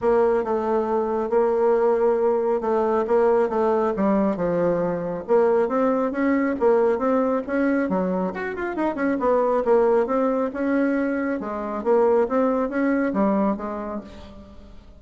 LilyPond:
\new Staff \with { instrumentName = "bassoon" } { \time 4/4 \tempo 4 = 137 ais4 a2 ais4~ | ais2 a4 ais4 | a4 g4 f2 | ais4 c'4 cis'4 ais4 |
c'4 cis'4 fis4 fis'8 f'8 | dis'8 cis'8 b4 ais4 c'4 | cis'2 gis4 ais4 | c'4 cis'4 g4 gis4 | }